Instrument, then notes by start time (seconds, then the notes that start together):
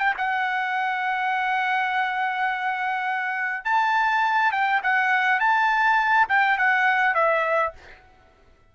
trumpet
0.00 G5
0.18 F#5
3.65 A5
4.52 G5
4.83 F#5
5.40 A5
6.29 G5
6.58 F#5
7.15 E5